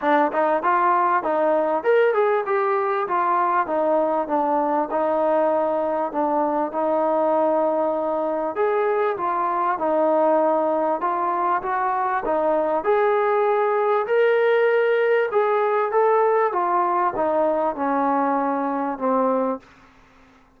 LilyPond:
\new Staff \with { instrumentName = "trombone" } { \time 4/4 \tempo 4 = 98 d'8 dis'8 f'4 dis'4 ais'8 gis'8 | g'4 f'4 dis'4 d'4 | dis'2 d'4 dis'4~ | dis'2 gis'4 f'4 |
dis'2 f'4 fis'4 | dis'4 gis'2 ais'4~ | ais'4 gis'4 a'4 f'4 | dis'4 cis'2 c'4 | }